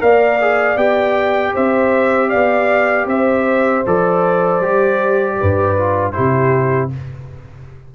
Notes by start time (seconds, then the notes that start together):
0.00 A#3 A#4 D5 F5
0.41 G#4
0.76 B3 G4 G5
1.54 C4 C5 E5
2.29 B3 D5 F5
3.06 C4 C5 E5
3.86 F3 A4 D5
4.60 G3 G4
5.39 G2 B4
5.77 F4
6.12 C3 E4 G4 C5